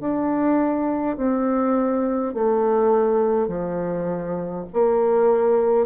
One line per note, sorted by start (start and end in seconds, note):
0.00 1.16 D4
1.16 2.34 C4
2.34 3.48 A3
3.48 4.65 F3
4.73 5.86 A#3